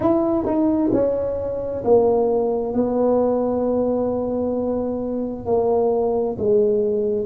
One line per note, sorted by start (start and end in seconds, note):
0.00 0.45 E4
0.45 0.90 D#4
0.92 1.83 C#4
1.84 2.74 A#3
2.74 5.45 B3
5.45 6.36 A#3
6.38 7.25 G#3